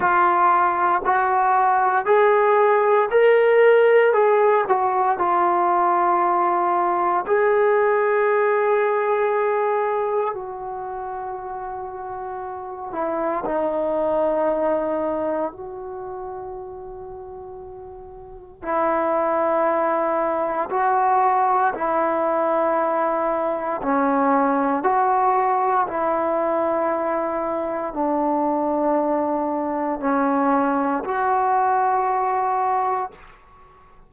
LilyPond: \new Staff \with { instrumentName = "trombone" } { \time 4/4 \tempo 4 = 58 f'4 fis'4 gis'4 ais'4 | gis'8 fis'8 f'2 gis'4~ | gis'2 fis'2~ | fis'8 e'8 dis'2 fis'4~ |
fis'2 e'2 | fis'4 e'2 cis'4 | fis'4 e'2 d'4~ | d'4 cis'4 fis'2 | }